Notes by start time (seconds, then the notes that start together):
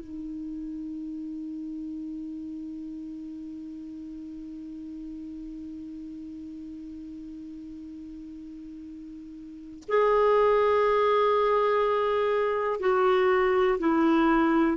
0.00 D#4
9.89 G#4
12.80 F#4
13.79 E4